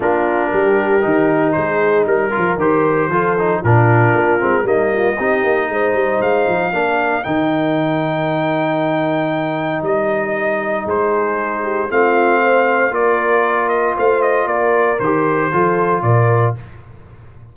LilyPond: <<
  \new Staff \with { instrumentName = "trumpet" } { \time 4/4 \tempo 4 = 116 ais'2. c''4 | ais'4 c''2 ais'4~ | ais'4 dis''2. | f''2 g''2~ |
g''2. dis''4~ | dis''4 c''2 f''4~ | f''4 d''4. dis''8 f''8 dis''8 | d''4 c''2 d''4 | }
  \new Staff \with { instrumentName = "horn" } { \time 4/4 f'4 g'2 gis'4 | ais'2 a'4 f'4~ | f'4 dis'8 f'8 g'4 c''4~ | c''4 ais'2.~ |
ais'1~ | ais'4 gis'4. g'8 f'4 | c''4 ais'2 c''4 | ais'2 a'4 ais'4 | }
  \new Staff \with { instrumentName = "trombone" } { \time 4/4 d'2 dis'2~ | dis'8 f'8 g'4 f'8 dis'8 d'4~ | d'8 c'8 ais4 dis'2~ | dis'4 d'4 dis'2~ |
dis'1~ | dis'2. c'4~ | c'4 f'2.~ | f'4 g'4 f'2 | }
  \new Staff \with { instrumentName = "tuba" } { \time 4/4 ais4 g4 dis4 gis4 | g8 f8 dis4 f4 ais,4 | ais8 gis8 g4 c'8 ais8 gis8 g8 | gis8 f8 ais4 dis2~ |
dis2. g4~ | g4 gis2 a4~ | a4 ais2 a4 | ais4 dis4 f4 ais,4 | }
>>